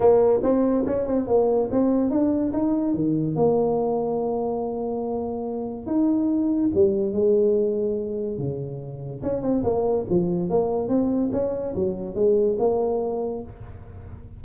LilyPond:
\new Staff \with { instrumentName = "tuba" } { \time 4/4 \tempo 4 = 143 ais4 c'4 cis'8 c'8 ais4 | c'4 d'4 dis'4 dis4 | ais1~ | ais2 dis'2 |
g4 gis2. | cis2 cis'8 c'8 ais4 | f4 ais4 c'4 cis'4 | fis4 gis4 ais2 | }